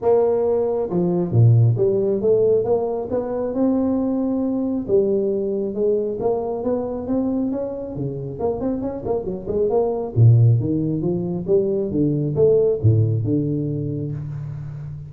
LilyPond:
\new Staff \with { instrumentName = "tuba" } { \time 4/4 \tempo 4 = 136 ais2 f4 ais,4 | g4 a4 ais4 b4 | c'2. g4~ | g4 gis4 ais4 b4 |
c'4 cis'4 cis4 ais8 c'8 | cis'8 ais8 fis8 gis8 ais4 ais,4 | dis4 f4 g4 d4 | a4 a,4 d2 | }